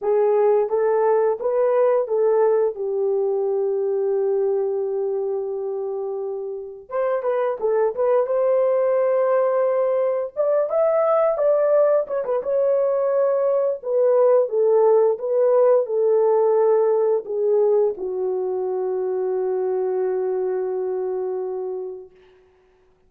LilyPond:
\new Staff \with { instrumentName = "horn" } { \time 4/4 \tempo 4 = 87 gis'4 a'4 b'4 a'4 | g'1~ | g'2 c''8 b'8 a'8 b'8 | c''2. d''8 e''8~ |
e''8 d''4 cis''16 b'16 cis''2 | b'4 a'4 b'4 a'4~ | a'4 gis'4 fis'2~ | fis'1 | }